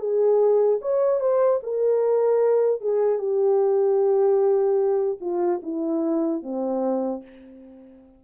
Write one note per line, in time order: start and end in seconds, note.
0.00 0.80 G#4
0.82 1.20 C#5
1.20 1.60 C5
1.64 2.81 A#4
2.81 3.19 G#4
3.19 5.19 G4
5.21 5.61 F4
5.63 6.43 E4
6.43 7.23 C4